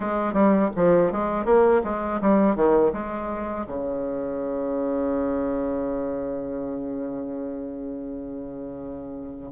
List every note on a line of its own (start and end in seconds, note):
0.00 0.33 G#3
0.33 0.70 G3
0.76 1.12 F3
1.12 1.45 G#3
1.45 1.81 A#3
1.84 2.20 G#3
2.21 2.55 G3
2.55 2.92 D#3
2.92 3.66 G#3
3.66 9.52 C#3